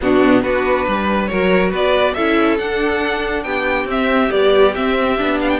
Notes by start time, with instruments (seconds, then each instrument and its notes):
0.01 cello B2, viola B3, violin D4 F#4
0.42 cello B3, viola D4, violin F#4 B4
0.86 cello G3, violin B4
1.26 cello F#3, viola F#4, violin A#4 C#5
1.70 cello B3, violin B4 D5
2.14 cello C#4, viola E4, violin A4 E5
2.58 viola D4, cello D4, violin F#5
3.43 cello B3, violin G4 G5
3.85 cello C4, viola C4, violin E5
4.31 viola G3, cello B3, violin D5
4.75 viola C4, cello C4, violin E5
5.18 cello B3, viola D4
5.40 violin F5
5.49 violin G5